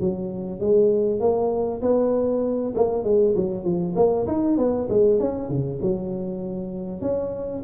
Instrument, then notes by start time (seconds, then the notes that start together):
tuba
0.00 F#3
0.60 G#3
1.20 A#3
1.82 B3
2.75 A#3
3.04 G#3
3.36 F#3
3.64 F3
3.96 A#3
4.27 D#4
4.58 B3
4.89 G#3
5.20 C#4
5.49 C#3
5.82 F#3
7.01 C#4